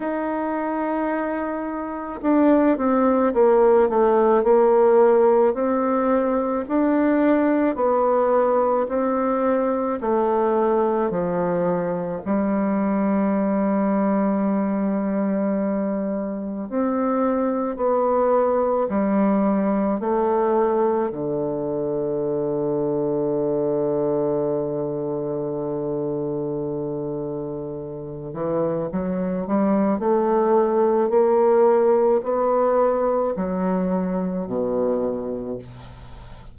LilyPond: \new Staff \with { instrumentName = "bassoon" } { \time 4/4 \tempo 4 = 54 dis'2 d'8 c'8 ais8 a8 | ais4 c'4 d'4 b4 | c'4 a4 f4 g4~ | g2. c'4 |
b4 g4 a4 d4~ | d1~ | d4. e8 fis8 g8 a4 | ais4 b4 fis4 b,4 | }